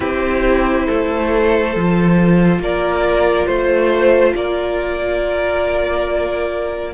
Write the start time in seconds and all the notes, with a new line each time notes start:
0.00 C4 E4 G4 C5
0.86 A3 A4
1.75 F3 F4
2.59 A#3 A#4 D5
3.46 A3 C5
4.35 A#3 A#4 D5